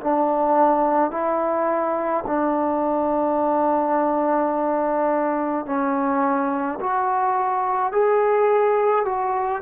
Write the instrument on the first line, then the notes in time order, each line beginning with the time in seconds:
trombone
0.00 D4
1.11 E4
2.26 D4
5.66 C#4
6.80 F#4
7.92 G#4
9.05 F#4